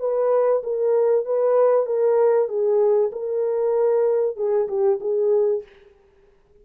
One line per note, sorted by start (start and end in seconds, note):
0.00 0.62 B4
0.63 1.25 A#4
1.25 1.86 B4
1.86 2.48 A#4
2.48 3.11 G#4
3.12 4.37 A#4
4.37 4.68 G#4
4.68 4.99 G4
5.01 5.63 G#4